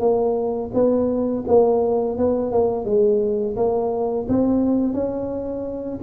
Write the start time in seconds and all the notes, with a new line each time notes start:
0.00 A#3
0.74 B3
1.48 A#3
2.18 B3
2.52 A#3
2.85 G#3
3.56 A#3
4.29 C4
4.94 C#4